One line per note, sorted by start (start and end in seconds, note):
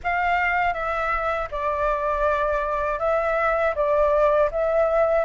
0.03 0.73 F5
0.73 1.48 E5
1.51 2.99 D5
2.99 3.74 E5
3.75 4.50 D5
4.51 5.24 E5